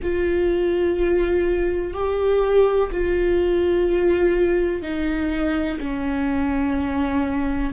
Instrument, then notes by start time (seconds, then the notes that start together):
viola
0.02 F4
1.93 G4
2.91 F4
4.82 D#4
5.79 C#4